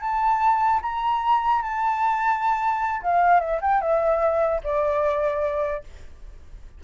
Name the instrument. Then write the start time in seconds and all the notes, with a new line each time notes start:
flute
0.00 A5
0.82 A#5
1.62 A5
3.02 F5
3.40 E5
3.61 G5
3.81 E5
4.63 D5